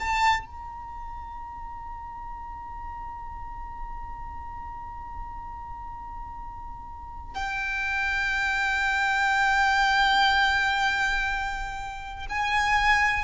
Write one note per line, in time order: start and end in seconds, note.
0.00 0.46 A5
0.46 7.35 A#5
7.35 12.27 G5
12.30 13.25 G#5